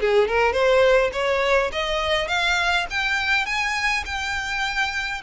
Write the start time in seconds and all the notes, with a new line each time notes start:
0.00 G#4
0.28 A#4
0.52 C5
1.12 C#5
1.72 D#5
2.28 F5
2.90 G5
3.46 G#5
4.05 G5